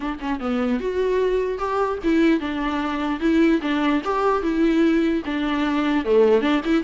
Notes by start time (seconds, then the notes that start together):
0.00 D4
0.20 C#4
0.39 B3
0.79 F#4
1.58 G4
2.03 E4
2.40 D4
3.20 E4
3.61 D4
4.04 G4
4.42 E4
5.25 D4
6.04 A3
6.41 D4
6.64 E4